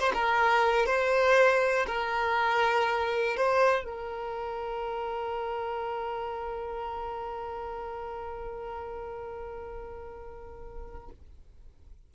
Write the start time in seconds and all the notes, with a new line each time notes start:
0.00 C5
0.14 A#4
0.86 C5
1.87 A#4
3.37 C5
3.85 A#4